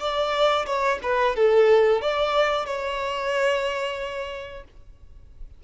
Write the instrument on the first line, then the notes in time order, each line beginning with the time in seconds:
violin
0.00 D5
0.66 C#5
1.03 B4
1.36 A4
2.01 D5
2.66 C#5